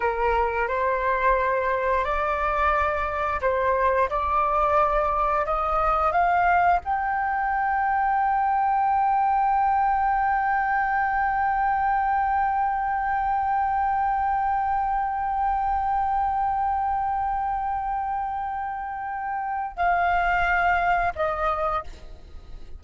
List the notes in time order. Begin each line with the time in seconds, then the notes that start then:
0.00 A#4
0.68 C5
2.04 D5
3.41 C5
4.09 D5
5.45 D#5
6.11 F5
6.84 G5
19.76 F5
21.15 D#5